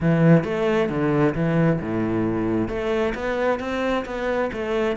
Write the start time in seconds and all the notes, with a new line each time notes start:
0.00 E3
0.44 A3
0.89 D3
1.34 E3
1.80 A2
2.68 A3
3.14 B3
3.59 C4
4.05 B3
4.52 A3